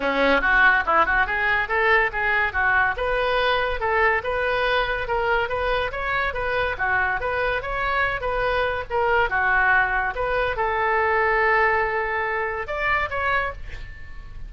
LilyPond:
\new Staff \with { instrumentName = "oboe" } { \time 4/4 \tempo 4 = 142 cis'4 fis'4 e'8 fis'8 gis'4 | a'4 gis'4 fis'4 b'4~ | b'4 a'4 b'2 | ais'4 b'4 cis''4 b'4 |
fis'4 b'4 cis''4. b'8~ | b'4 ais'4 fis'2 | b'4 a'2.~ | a'2 d''4 cis''4 | }